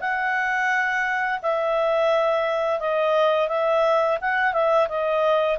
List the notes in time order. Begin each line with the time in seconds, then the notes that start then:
0.00 F#5
1.42 E5
2.79 D#5
3.48 E5
4.21 F#5
4.53 E5
4.88 D#5